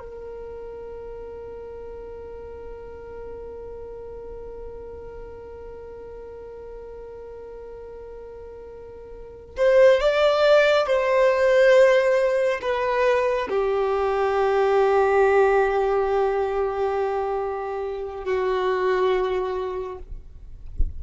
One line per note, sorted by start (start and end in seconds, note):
0.00 9.57 A#4
9.57 10.01 C5
10.01 10.87 D5
10.87 12.61 C5
12.62 13.49 B4
13.50 18.25 G4
18.25 19.99 F#4